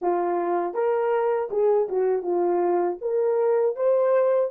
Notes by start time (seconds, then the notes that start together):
0.01 F4
0.74 A#4
1.50 G#4
1.89 F#4
2.22 F4
3.01 A#4
3.76 C5